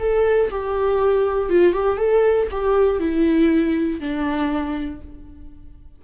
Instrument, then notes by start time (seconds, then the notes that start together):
viola
0.00 A4
0.51 G4
1.50 F4
1.73 G4
1.98 A4
2.51 G4
3.00 E4
4.01 D4